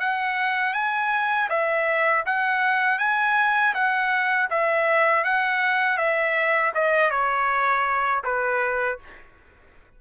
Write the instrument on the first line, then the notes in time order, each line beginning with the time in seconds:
trumpet
0.00 F#5
0.74 G#5
1.50 E5
2.26 F#5
2.99 G#5
3.74 F#5
4.50 E5
5.25 F#5
5.98 E5
6.75 D#5
7.11 C#5
8.24 B4